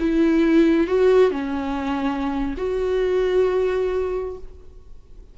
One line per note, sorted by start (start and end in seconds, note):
0.00 0.88 E4
0.88 1.31 F#4
1.31 2.55 C#4
2.58 4.38 F#4